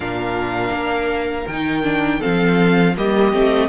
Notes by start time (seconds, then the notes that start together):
0.00 A#2 D4 A#4 F5
0.71 A#3
1.47 D#3 D#4 G5
1.83 D4
2.19 C4 A4 F5
2.25 F3
2.96 G3 A#3 G4 D#5
3.32 A3 C4